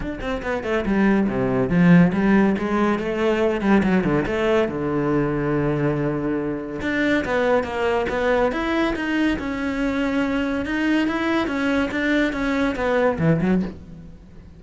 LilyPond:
\new Staff \with { instrumentName = "cello" } { \time 4/4 \tempo 4 = 141 d'8 c'8 b8 a8 g4 c4 | f4 g4 gis4 a4~ | a8 g8 fis8 d8 a4 d4~ | d1 |
d'4 b4 ais4 b4 | e'4 dis'4 cis'2~ | cis'4 dis'4 e'4 cis'4 | d'4 cis'4 b4 e8 fis8 | }